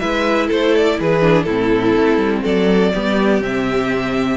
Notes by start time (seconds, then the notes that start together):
0.00 G#3 E4 B4 E5
0.48 A3 A4 C5
0.76 D5
1.00 E3 G#4 B4
1.21 D4
1.43 A2 C4 E4 A4
1.97 A3
2.17 G3
2.43 F#3 A4 D5
2.94 G3 B3 G4
3.41 C3 C4 E5